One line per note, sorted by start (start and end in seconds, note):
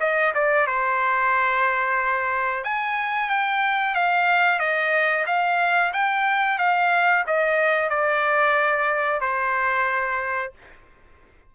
0.00 0.33 D#5
0.34 0.67 D5
0.67 2.64 C5
2.64 3.30 G#5
3.30 3.95 G5
3.95 4.59 F5
4.59 5.25 D#5
5.26 5.92 F5
5.93 6.58 G5
6.58 7.24 F5
7.27 7.90 D#5
7.90 9.21 D5
9.21 10.53 C5